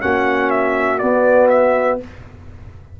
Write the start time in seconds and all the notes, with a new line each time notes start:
0.00 A#3 C#4 F#4 F#5
0.50 E5
0.98 B3 D5
1.49 E5